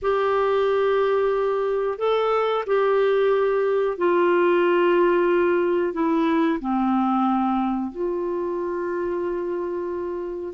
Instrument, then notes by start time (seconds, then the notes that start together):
clarinet
0.01 G4
1.98 A4
2.66 G4
3.97 F4
5.93 E4
6.59 C4
7.91 F4